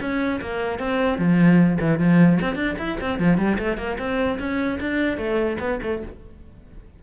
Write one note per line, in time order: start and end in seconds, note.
0.00 0.40 C#4
0.41 0.79 A#3
0.79 1.18 C4
1.18 1.78 F3
1.80 1.99 E3
1.99 2.39 F3
2.41 2.55 C4
2.55 2.75 D4
2.78 2.98 E4
3.00 3.19 C4
3.19 3.37 F3
3.37 3.57 G3
3.58 3.77 A3
3.77 3.97 A#3
3.99 4.39 C4
4.39 4.79 C#4
4.80 5.17 D4
5.17 5.57 A3
5.60 5.80 B3
5.82 6.02 A3